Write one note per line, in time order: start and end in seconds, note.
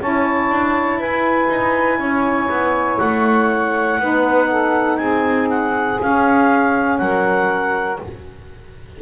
0.00 0.49 C#4
0.00 3.99 E4
0.00 0.99 C#5
0.00 1.01 A5
0.49 0.97 D4
0.97 1.48 E4
0.97 1.99 B4
0.97 2.99 G#5
1.49 1.98 D#4
1.98 2.48 C#4
1.98 4.00 C#5
2.49 2.99 B3
2.99 3.99 A3
2.99 4.97 F#5
3.99 4.99 B3
3.99 5.96 D#4
3.99 4.49 B4
4.49 4.99 A4
4.97 5.99 C4
4.97 7.00 G#4
4.97 5.47 G#5
5.50 6.00 F#5
5.96 7.96 C#4
6.02 6.99 C#4
6.02 6.98 F5
6.98 7.99 F#3
6.98 8.02 A#4
6.98 7.98 F#5